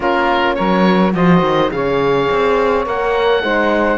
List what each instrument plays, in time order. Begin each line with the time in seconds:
0.00 cello A#3, horn C#4, saxophone F4, oboe A#4
0.55 cello F#3, saxophone A#4, oboe C#5
1.12 cello F3, horn F#4, saxophone C5, oboe D#5
1.41 cello D#3
1.71 cello C#3, horn G#4, saxophone C#5, oboe F5
2.30 cello C4
2.86 cello A#3, horn A#4, oboe F#5
3.42 cello G#3, horn D#4, saxophone C5